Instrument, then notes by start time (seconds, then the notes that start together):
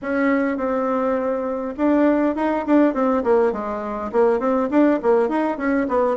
bassoon
0.02 C#4
0.57 C4
1.77 D4
2.35 D#4
2.66 D4
2.94 C4
3.23 A#3
3.52 G#3
4.12 A#3
4.39 C4
4.70 D4
5.02 A#3
5.28 D#4
5.57 C#4
5.88 B3